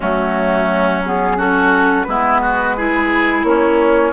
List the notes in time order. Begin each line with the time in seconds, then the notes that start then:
0.00 F#3 A3 C#4 F#4
1.04 B3 G#4
1.37 C#4 F#4 A4
2.03 G#3 B3 E4 B4
2.41 F#4
2.77 E4 G#4
3.43 A#3 C#4 C#5